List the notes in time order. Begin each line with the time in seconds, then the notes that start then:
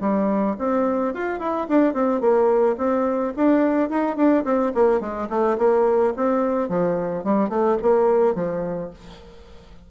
0.00 G3
0.58 C4
1.14 F4
1.39 E4
1.68 D4
1.93 C4
2.20 A#3
2.77 C4
3.36 D4
3.89 D#4
4.16 D4
4.44 C4
4.74 A#3
5.00 G#3
5.29 A3
5.58 A#3
6.16 C4
6.69 F3
7.23 G3
7.49 A3
7.82 A#3
8.35 F3